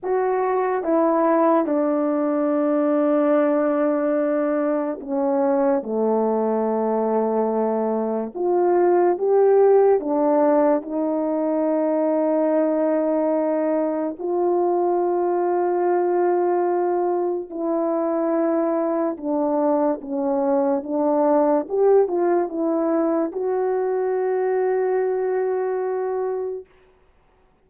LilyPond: \new Staff \with { instrumentName = "horn" } { \time 4/4 \tempo 4 = 72 fis'4 e'4 d'2~ | d'2 cis'4 a4~ | a2 f'4 g'4 | d'4 dis'2.~ |
dis'4 f'2.~ | f'4 e'2 d'4 | cis'4 d'4 g'8 f'8 e'4 | fis'1 | }